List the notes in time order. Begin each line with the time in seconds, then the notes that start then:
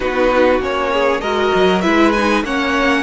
0.00 B3 D#4 F#4 B4
0.59 A#3 C#4 C#5
0.92 G#4
1.21 G#3 F#4 A#4 D#5
1.55 F#3
1.81 G#3 E4 B4 E5
2.12 D#4 G#5
2.43 A#3 C#4 C#5 F#5